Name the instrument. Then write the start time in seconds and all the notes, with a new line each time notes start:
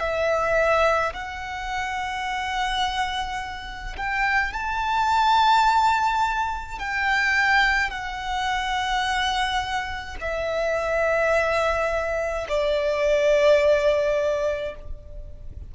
violin
0.00 E5
1.14 F#5
3.97 G5
4.53 A5
6.79 G5
7.90 F#5
10.21 E5
12.48 D5